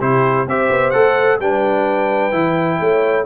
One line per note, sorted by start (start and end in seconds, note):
0.00 0.46 C3
0.00 0.47 E4
0.00 0.46 G4
0.00 0.47 C5
0.46 0.69 C4
0.46 0.92 G4
0.46 1.39 C5
0.46 0.90 E5
0.70 0.93 B3
0.90 1.39 A3
0.90 1.39 A4
0.90 1.37 F#5
1.39 2.32 G3
1.39 2.31 D4
1.39 2.79 B4
1.39 3.26 G5
2.31 2.79 E3
2.31 3.24 E4
2.80 3.26 A3
2.80 3.26 C#5